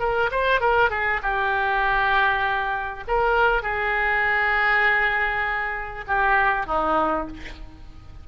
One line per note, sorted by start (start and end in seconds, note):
0.00 0.30 A#4
0.31 0.61 C5
0.61 0.90 A#4
0.90 1.20 G#4
1.23 3.04 G4
3.08 3.63 A#4
3.63 6.05 G#4
6.07 6.67 G4
6.67 7.28 D#4